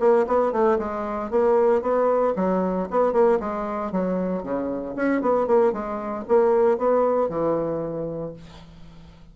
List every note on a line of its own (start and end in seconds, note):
0.00 0.26 A#3
0.27 0.52 B3
0.52 0.78 A3
0.79 1.31 G#3
1.31 1.82 A#3
1.82 2.34 B3
2.36 2.88 F#3
2.91 3.13 B3
3.13 3.39 A#3
3.40 3.92 G#3
3.92 4.43 F#3
4.43 4.95 C#3
4.96 5.22 C#4
5.22 5.47 B3
5.47 5.73 A#3
5.73 6.25 G#3
6.28 6.78 A#3
6.78 7.29 B3
7.29 8.34 E3